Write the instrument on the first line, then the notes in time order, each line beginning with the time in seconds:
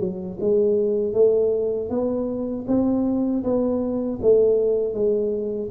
tuba
0.00 F#3
0.41 G#3
1.14 A3
1.90 B3
2.68 C4
3.44 B3
4.22 A3
4.94 G#3